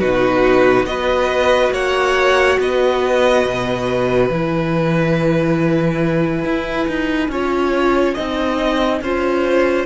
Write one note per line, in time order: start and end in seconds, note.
0.00 0.83 B2
0.00 0.87 D#4
0.00 0.86 F#4
0.00 0.86 B4
0.83 1.69 B3
0.83 4.30 F#4
0.83 1.72 D#5
0.91 1.74 B4
1.72 2.58 A#3
1.72 2.59 C#5
1.72 2.60 F#5
2.59 3.45 B3
2.59 7.32 B4
2.59 4.30 D#5
3.46 4.30 B2
4.30 6.44 E3
4.30 7.32 E4
4.30 9.86 G#5
6.45 6.88 E4
6.88 7.29 D#4
7.29 8.15 C#4
7.29 8.17 F4
7.29 8.15 C#5
8.15 9.02 C4
8.15 9.03 D#4
8.15 9.00 D#5
9.02 9.86 C#4
9.02 9.86 F4
9.02 9.86 C5